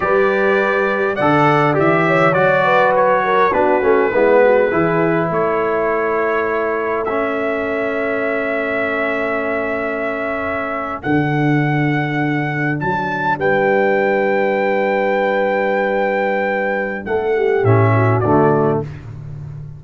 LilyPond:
<<
  \new Staff \with { instrumentName = "trumpet" } { \time 4/4 \tempo 4 = 102 d''2 fis''4 e''4 | d''4 cis''4 b'2~ | b'4 cis''2. | e''1~ |
e''2~ e''8. fis''4~ fis''16~ | fis''4.~ fis''16 a''4 g''4~ g''16~ | g''1~ | g''4 fis''4 e''4 d''4 | }
  \new Staff \with { instrumentName = "horn" } { \time 4/4 b'2 d''4. cis''8~ | cis''8 b'4 ais'8 fis'4 e'8 fis'8 | gis'4 a'2.~ | a'1~ |
a'1~ | a'2~ a'8. b'4~ b'16~ | b'1~ | b'4 a'8 g'4 fis'4. | }
  \new Staff \with { instrumentName = "trombone" } { \time 4/4 g'2 a'4 g'4 | fis'2 d'8 cis'8 b4 | e'1 | cis'1~ |
cis'2~ cis'8. d'4~ d'16~ | d'1~ | d'1~ | d'2 cis'4 a4 | }
  \new Staff \with { instrumentName = "tuba" } { \time 4/4 g2 d4 e4 | fis2 b8 a8 gis4 | e4 a2.~ | a1~ |
a2~ a8. d4~ d16~ | d4.~ d16 fis4 g4~ g16~ | g1~ | g4 a4 a,4 d4 | }
>>